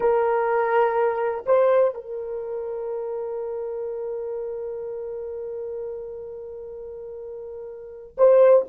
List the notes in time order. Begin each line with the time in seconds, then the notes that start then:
0.00 A#4
1.45 C5
1.94 A#4
8.17 C5